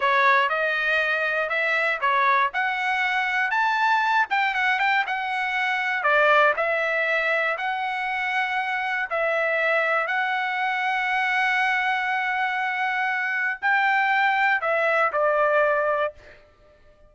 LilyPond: \new Staff \with { instrumentName = "trumpet" } { \time 4/4 \tempo 4 = 119 cis''4 dis''2 e''4 | cis''4 fis''2 a''4~ | a''8 g''8 fis''8 g''8 fis''2 | d''4 e''2 fis''4~ |
fis''2 e''2 | fis''1~ | fis''2. g''4~ | g''4 e''4 d''2 | }